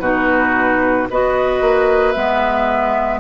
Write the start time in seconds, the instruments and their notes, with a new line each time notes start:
0.00 bassoon B2, clarinet D#4, oboe F#4, flute B4
1.10 bassoon B3, clarinet F#4, oboe B4, flute D#5
1.61 bassoon A#3
2.12 bassoon G#3, clarinet B3, flute E5